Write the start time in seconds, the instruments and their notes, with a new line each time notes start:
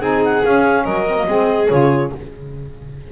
0.00 double bass C4, saxophone D#4, violin G#4, clarinet G#5
0.24 clarinet F#5
0.44 saxophone C#4, double bass C#4, clarinet F5
0.84 double bass F#3, violin A#4, clarinet D#5
1.07 saxophone C4
1.17 saxophone A#3
1.27 double bass G#3, saxophone C4, violin G#4
1.68 double bass C#3, saxophone F4, clarinet C#5